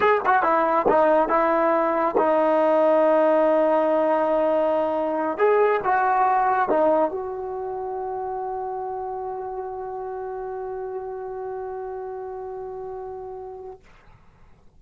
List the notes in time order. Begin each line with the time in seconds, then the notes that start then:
0.00 G#4
0.25 F#4
0.43 E4
0.88 D#4
1.29 E4
2.17 D#4
5.37 G#4
5.84 F#4
6.69 D#4
7.10 F#4